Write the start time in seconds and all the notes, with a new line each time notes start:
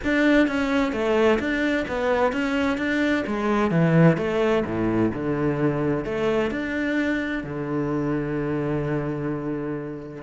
0.04 D4
0.47 C#4
0.92 A3
1.39 D4
1.87 B3
2.32 C#4
2.77 D4
3.27 G#3
3.71 E3
4.17 A3
4.65 A2
5.13 D3
6.04 A3
6.51 D4
7.43 D3